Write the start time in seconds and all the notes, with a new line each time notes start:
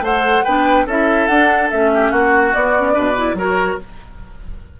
0.00 A3 A4 C5 F#5
0.44 B3 D4 B4 G5
0.86 C#4 E4 A4 E5
1.27 D4 F#5
1.70 A3 C#4 E5
1.94 G4
2.11 A#3 F#4 F#5
2.53 B3 D5
2.78 C#4
2.92 B2 D4 B4
3.16 E4
3.34 F#3 F#4 A#4 C#5